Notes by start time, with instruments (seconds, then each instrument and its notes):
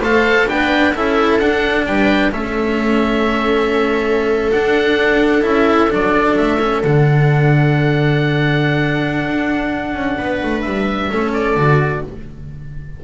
0.00 double bass A3, cello A4, viola C5, oboe F5
0.48 double bass B3, cello D4, viola B4, oboe G5
0.95 double bass C#4, cello E4, viola A4, oboe E5
1.40 double bass D4, cello D4, oboe F#5
1.87 double bass G3, viola B4, oboe G5
2.32 double bass A3, cello C#4, viola A4, oboe E5
4.52 cello D4, double bass D4, oboe F#5
5.42 double bass C#4, cello E4, oboe E5
5.90 double bass F#3, cello D4, oboe D5
6.37 double bass A3, oboe E5
6.60 cello C#4
6.84 double bass D3, cello D4, oboe F#5
9.26 double bass D4
9.95 double bass C#4
10.18 double bass B3, viola B4
10.43 double bass A3
10.62 double bass G3, oboe E5
11.10 double bass A3, cello C#4, viola A4
11.34 oboe D5
11.56 double bass D3, cello F#4